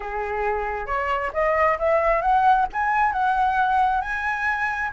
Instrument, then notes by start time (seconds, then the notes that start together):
flute
0.00 G#4
0.86 C#5
1.33 D#5
1.78 E5
2.21 F#5
2.73 G#5
3.12 F#5
4.01 G#5